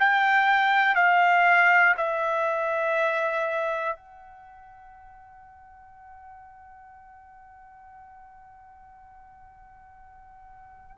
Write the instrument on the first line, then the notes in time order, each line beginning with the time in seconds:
trumpet
0.00 G5
0.95 F5
1.97 E5
3.96 F#5